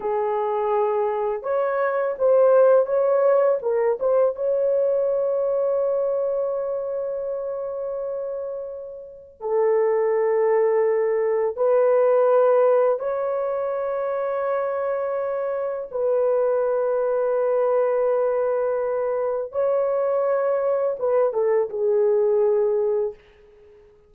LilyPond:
\new Staff \with { instrumentName = "horn" } { \time 4/4 \tempo 4 = 83 gis'2 cis''4 c''4 | cis''4 ais'8 c''8 cis''2~ | cis''1~ | cis''4 a'2. |
b'2 cis''2~ | cis''2 b'2~ | b'2. cis''4~ | cis''4 b'8 a'8 gis'2 | }